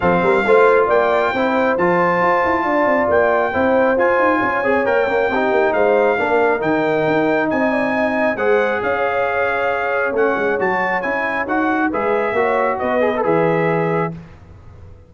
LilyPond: <<
  \new Staff \with { instrumentName = "trumpet" } { \time 4/4 \tempo 4 = 136 f''2 g''2 | a''2. g''4~ | g''4 gis''2 g''4~ | g''4 f''2 g''4~ |
g''4 gis''2 fis''4 | f''2. fis''4 | a''4 gis''4 fis''4 e''4~ | e''4 dis''4 e''2 | }
  \new Staff \with { instrumentName = "horn" } { \time 4/4 a'8 ais'8 c''4 d''4 c''4~ | c''2 d''2 | c''2 cis''2 | g'4 c''4 ais'2~ |
ais'4 dis''8 d''8 dis''4 c''4 | cis''1~ | cis''2. b'4 | cis''4 b'2. | }
  \new Staff \with { instrumentName = "trombone" } { \time 4/4 c'4 f'2 e'4 | f'1 | e'4 f'4. gis'8 ais'8 ais8 | dis'2 d'4 dis'4~ |
dis'2. gis'4~ | gis'2. cis'4 | fis'4 e'4 fis'4 gis'4 | fis'4. gis'16 a'16 gis'2 | }
  \new Staff \with { instrumentName = "tuba" } { \time 4/4 f8 g8 a4 ais4 c'4 | f4 f'8 e'8 d'8 c'8 ais4 | c'4 f'8 dis'8 cis'8 c'8 ais8 cis'8 | c'8 ais8 gis4 ais4 dis4 |
dis'4 c'2 gis4 | cis'2. a8 gis8 | fis4 cis'4 dis'4 gis4 | ais4 b4 e2 | }
>>